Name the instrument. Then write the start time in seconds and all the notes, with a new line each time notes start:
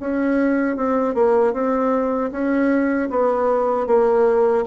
bassoon
0.00 C#4
0.77 C4
1.14 A#3
1.53 C4
2.31 C#4
3.10 B3
3.86 A#3